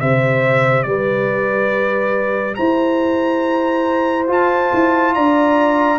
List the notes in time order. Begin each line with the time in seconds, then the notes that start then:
0.00 C3 G4 C5 E5
0.83 G3 B4 D5
2.54 E4 C5 A#5
4.27 F4 A5
4.74 E4
5.14 D4 D5 A#5